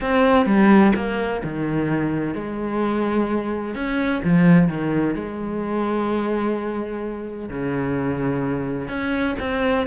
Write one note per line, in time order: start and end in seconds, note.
0.01 0.46 C4
0.46 0.93 G3
0.95 1.42 A#3
1.43 2.34 D#3
2.34 3.74 G#3
3.74 4.21 C#4
4.24 4.68 F3
4.68 5.14 D#3
5.14 7.49 G#3
7.49 8.88 C#3
8.88 9.35 C#4
9.39 9.86 C4